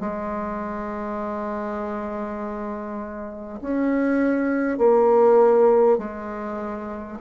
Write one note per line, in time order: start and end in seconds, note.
0.00 3.60 G#3
3.61 4.78 C#4
4.78 5.98 A#3
5.98 7.18 G#3